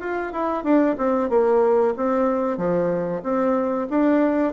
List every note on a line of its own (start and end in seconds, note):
0.00 0.32 F4
0.32 0.63 E4
0.63 0.96 D4
0.97 1.29 C4
1.29 1.94 A#3
1.96 2.57 C4
2.57 3.21 F3
3.23 3.87 C4
3.90 4.52 D4